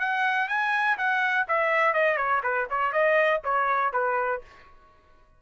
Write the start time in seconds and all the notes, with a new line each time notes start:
0.00 F#5
0.49 G#5
0.98 F#5
1.49 E5
1.94 D#5
2.18 C#5
2.44 B4
2.71 C#5
2.93 D#5
3.45 C#5
3.93 B4